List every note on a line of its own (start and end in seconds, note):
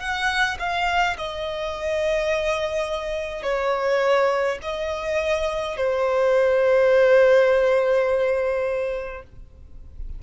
0.00 0.58 F#5
0.60 1.17 F5
1.17 3.43 D#5
3.43 4.58 C#5
4.63 5.77 D#5
5.77 9.23 C5